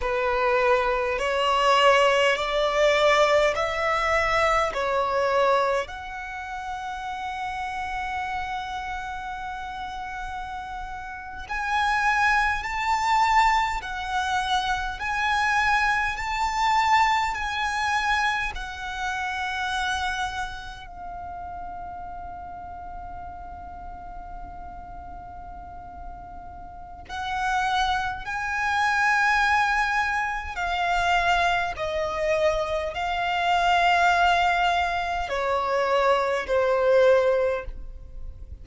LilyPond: \new Staff \with { instrumentName = "violin" } { \time 4/4 \tempo 4 = 51 b'4 cis''4 d''4 e''4 | cis''4 fis''2.~ | fis''4.~ fis''16 gis''4 a''4 fis''16~ | fis''8. gis''4 a''4 gis''4 fis''16~ |
fis''4.~ fis''16 f''2~ f''16~ | f''2. fis''4 | gis''2 f''4 dis''4 | f''2 cis''4 c''4 | }